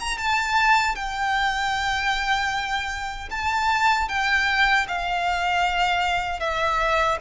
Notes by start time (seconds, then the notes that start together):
0.00 A#5
0.18 A5
0.96 G5
3.31 A5
4.09 G5
4.88 F5
6.40 E5